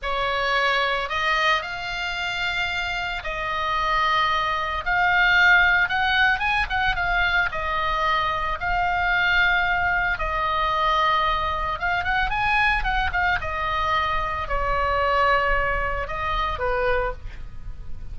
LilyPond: \new Staff \with { instrumentName = "oboe" } { \time 4/4 \tempo 4 = 112 cis''2 dis''4 f''4~ | f''2 dis''2~ | dis''4 f''2 fis''4 | gis''8 fis''8 f''4 dis''2 |
f''2. dis''4~ | dis''2 f''8 fis''8 gis''4 | fis''8 f''8 dis''2 cis''4~ | cis''2 dis''4 b'4 | }